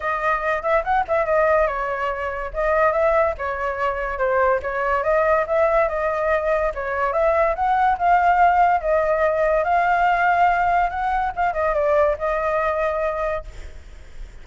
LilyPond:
\new Staff \with { instrumentName = "flute" } { \time 4/4 \tempo 4 = 143 dis''4. e''8 fis''8 e''8 dis''4 | cis''2 dis''4 e''4 | cis''2 c''4 cis''4 | dis''4 e''4 dis''2 |
cis''4 e''4 fis''4 f''4~ | f''4 dis''2 f''4~ | f''2 fis''4 f''8 dis''8 | d''4 dis''2. | }